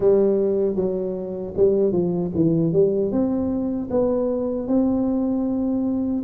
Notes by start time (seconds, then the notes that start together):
0.00 G3
0.75 F#3
1.57 G3
1.92 F3
2.34 E3
2.73 G3
3.11 C4
3.90 B3
4.67 C4